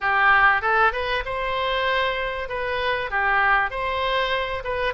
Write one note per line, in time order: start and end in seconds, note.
0.00 0.61 G4
0.61 0.92 A4
0.92 1.23 B4
1.25 2.49 C5
2.49 3.10 B4
3.10 3.70 G4
3.70 4.63 C5
4.64 4.93 B4